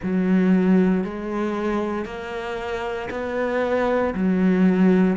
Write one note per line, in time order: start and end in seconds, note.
0.02 1.03 F#3
1.03 2.05 G#3
2.05 3.08 A#3
3.10 4.14 B3
4.14 5.17 F#3